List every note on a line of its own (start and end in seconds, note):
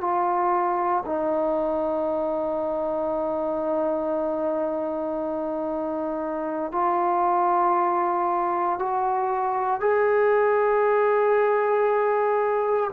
0.00 1.03 F4
1.05 6.71 D#4
6.71 8.78 F4
8.79 9.80 F#4
9.80 12.90 G#4